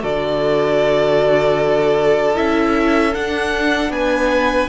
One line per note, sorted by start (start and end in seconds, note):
0.00 2.37 D3
0.00 2.34 F#4
0.00 3.92 A4
0.00 2.37 D5
2.35 3.16 C#4
2.35 3.13 E4
2.35 3.15 E5
3.14 4.69 D4
3.14 3.89 D4
3.14 3.92 F#5
3.89 4.67 B3
3.89 4.69 B4
3.89 4.69 G#5